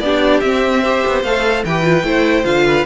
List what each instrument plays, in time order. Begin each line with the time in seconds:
0.00 cello B3, viola D4, violin G4 D5
0.41 cello C4, viola C4, violin E5
0.83 viola G4, violin C5
1.07 cello B3
1.23 cello A3, viola A4, violin F5
1.65 cello E3, viola G4, violin B4 G5
1.83 viola F4
2.04 cello A3, viola E4, violin C5
2.44 cello D3, viola F4, violin F5
2.66 violin B4